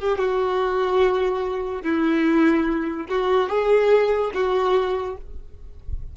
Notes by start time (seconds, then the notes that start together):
0.00 G4
0.19 F#4
1.83 E4
3.09 F#4
3.50 G#4
4.35 F#4